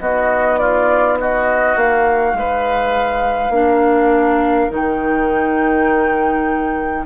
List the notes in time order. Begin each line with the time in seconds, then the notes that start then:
0.00 B3 D#4 F#4 D#5
0.59 F4 D5
1.20 F#4 D#5
1.76 A#3 F5
2.34 G#3 B4
3.50 A#3 D4 A#4
4.71 D#3 D#4 G5